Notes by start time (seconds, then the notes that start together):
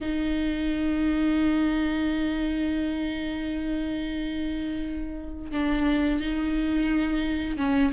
0.01 D#4
5.51 D4
6.20 D#4
7.57 C#4